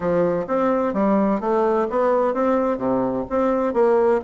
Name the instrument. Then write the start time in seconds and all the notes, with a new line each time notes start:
bassoon
0.00 F3
0.47 C4
0.93 G3
1.40 A3
1.89 B3
2.34 C4
2.77 C3
3.29 C4
3.73 A#3